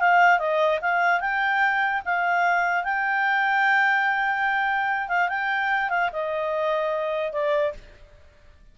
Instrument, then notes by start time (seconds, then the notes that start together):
clarinet
0.00 F5
0.39 D#5
0.81 F5
1.20 G5
2.05 F5
2.84 G5
5.08 F5
5.29 G5
5.90 F5
6.13 D#5
7.32 D5